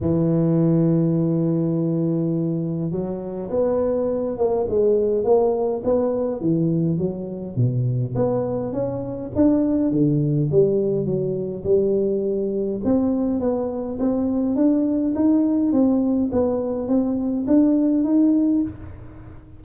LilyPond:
\new Staff \with { instrumentName = "tuba" } { \time 4/4 \tempo 4 = 103 e1~ | e4 fis4 b4. ais8 | gis4 ais4 b4 e4 | fis4 b,4 b4 cis'4 |
d'4 d4 g4 fis4 | g2 c'4 b4 | c'4 d'4 dis'4 c'4 | b4 c'4 d'4 dis'4 | }